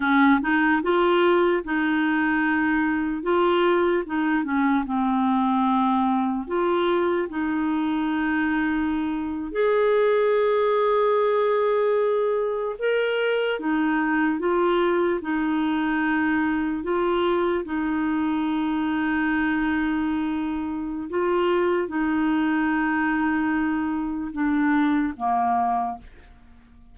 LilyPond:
\new Staff \with { instrumentName = "clarinet" } { \time 4/4 \tempo 4 = 74 cis'8 dis'8 f'4 dis'2 | f'4 dis'8 cis'8 c'2 | f'4 dis'2~ dis'8. gis'16~ | gis'2.~ gis'8. ais'16~ |
ais'8. dis'4 f'4 dis'4~ dis'16~ | dis'8. f'4 dis'2~ dis'16~ | dis'2 f'4 dis'4~ | dis'2 d'4 ais4 | }